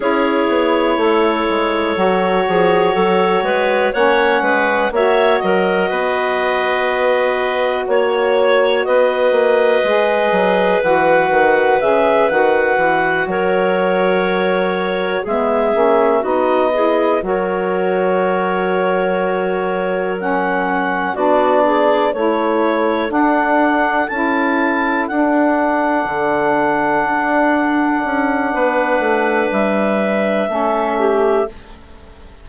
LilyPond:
<<
  \new Staff \with { instrumentName = "clarinet" } { \time 4/4 \tempo 4 = 61 cis''1 | fis''4 e''8 dis''2~ dis''8 | cis''4 dis''2 fis''4 | e''8 fis''4 cis''2 e''8~ |
e''8 dis''4 cis''2~ cis''8~ | cis''8 fis''4 d''4 cis''4 fis''8~ | fis''8 a''4 fis''2~ fis''8~ | fis''2 e''2 | }
  \new Staff \with { instrumentName = "clarinet" } { \time 4/4 gis'4 a'4. gis'8 a'8 b'8 | cis''8 b'8 cis''8 ais'8 b'2 | cis''4 b'2.~ | b'4. ais'2 gis'8~ |
gis'8 fis'8 gis'8 ais'2~ ais'8~ | ais'4. fis'8 gis'8 a'4.~ | a'1~ | a'4 b'2 a'8 g'8 | }
  \new Staff \with { instrumentName = "saxophone" } { \time 4/4 e'2 fis'2 | cis'4 fis'2.~ | fis'2 gis'4 fis'4 | gis'8 fis'2. b8 |
cis'8 dis'8 e'8 fis'2~ fis'8~ | fis'8 cis'4 d'4 e'4 d'8~ | d'8 e'4 d'2~ d'8~ | d'2. cis'4 | }
  \new Staff \with { instrumentName = "bassoon" } { \time 4/4 cis'8 b8 a8 gis8 fis8 f8 fis8 gis8 | ais8 gis8 ais8 fis8 b2 | ais4 b8 ais8 gis8 fis8 e8 dis8 | cis8 dis8 e8 fis2 gis8 |
ais8 b4 fis2~ fis8~ | fis4. b4 a4 d'8~ | d'8 cis'4 d'4 d4 d'8~ | d'8 cis'8 b8 a8 g4 a4 | }
>>